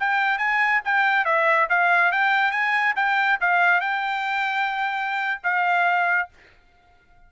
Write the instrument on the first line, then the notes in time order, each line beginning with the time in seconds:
trumpet
0.00 G5
0.38 G#5
0.85 G5
1.25 E5
1.70 F5
2.12 G5
2.52 G#5
2.96 G5
3.41 F5
3.81 G5
5.44 F5